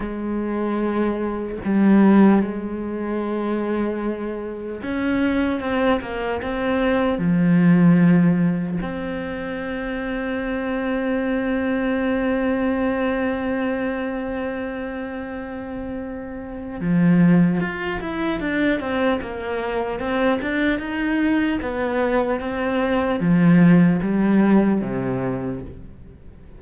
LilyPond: \new Staff \with { instrumentName = "cello" } { \time 4/4 \tempo 4 = 75 gis2 g4 gis4~ | gis2 cis'4 c'8 ais8 | c'4 f2 c'4~ | c'1~ |
c'1~ | c'4 f4 f'8 e'8 d'8 c'8 | ais4 c'8 d'8 dis'4 b4 | c'4 f4 g4 c4 | }